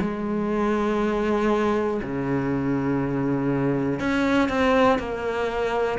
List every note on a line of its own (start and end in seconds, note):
0.00 2.00 G#3
2.02 4.00 C#3
4.00 4.49 C#4
4.49 4.98 C4
4.98 5.98 A#3